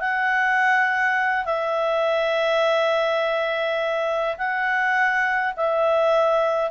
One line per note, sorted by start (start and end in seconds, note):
0.00 1.45 F#5
1.45 4.36 E5
4.38 5.54 F#5
5.57 6.71 E5